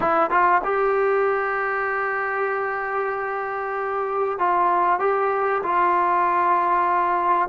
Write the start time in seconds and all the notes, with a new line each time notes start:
0.00 E4
0.30 F4
0.63 G4
4.38 F4
4.99 G4
5.62 F4